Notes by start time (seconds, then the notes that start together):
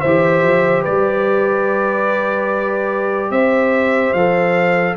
0.00 E3 G4 C5 E5
0.42 F3
0.82 G3 B4 D5
3.30 C4 C5 E5
4.13 F3 A4 F5